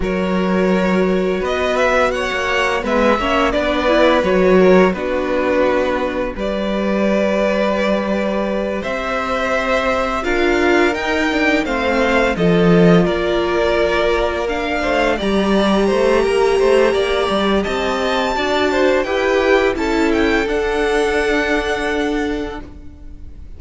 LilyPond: <<
  \new Staff \with { instrumentName = "violin" } { \time 4/4 \tempo 4 = 85 cis''2 dis''8 e''8 fis''4 | e''4 d''4 cis''4 b'4~ | b'4 d''2.~ | d''8 e''2 f''4 g''8~ |
g''8 f''4 dis''4 d''4.~ | d''8 f''4 ais''2~ ais''8~ | ais''4 a''2 g''4 | a''8 g''8 fis''2. | }
  \new Staff \with { instrumentName = "violin" } { \time 4/4 ais'2 b'4 cis''4 | b'8 cis''8 b'4. ais'8 fis'4~ | fis'4 b'2.~ | b'8 c''2 ais'4.~ |
ais'8 c''4 a'4 ais'4.~ | ais'4 c''8 d''4 c''8 ais'8 c''8 | d''4 dis''4 d''8 c''8 b'4 | a'1 | }
  \new Staff \with { instrumentName = "viola" } { \time 4/4 fis'1 | b8 cis'8 d'8 e'8 fis'4 d'4~ | d'4 g'2.~ | g'2~ g'8 f'4 dis'8 |
d'8 c'4 f'2~ f'8~ | f'8 d'4 g'2~ g'8~ | g'2 fis'4 g'4 | e'4 d'2. | }
  \new Staff \with { instrumentName = "cello" } { \time 4/4 fis2 b4~ b16 ais8. | gis8 ais8 b4 fis4 b4~ | b4 g2.~ | g8 c'2 d'4 dis'8~ |
dis'8 a4 f4 ais4.~ | ais4 a8 g4 a8 ais8 a8 | ais8 g8 c'4 d'4 e'4 | cis'4 d'2. | }
>>